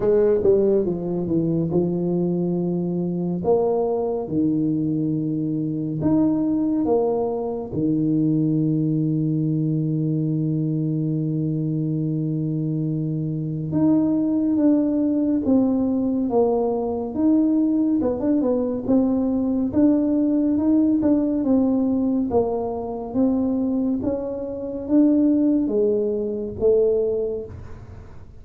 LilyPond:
\new Staff \with { instrumentName = "tuba" } { \time 4/4 \tempo 4 = 70 gis8 g8 f8 e8 f2 | ais4 dis2 dis'4 | ais4 dis2.~ | dis1 |
dis'4 d'4 c'4 ais4 | dis'4 b16 d'16 b8 c'4 d'4 | dis'8 d'8 c'4 ais4 c'4 | cis'4 d'4 gis4 a4 | }